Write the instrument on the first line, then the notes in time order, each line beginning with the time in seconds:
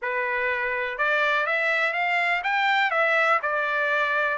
trumpet
0.02 B4
0.98 D5
1.46 E5
1.93 F5
2.43 G5
2.90 E5
3.42 D5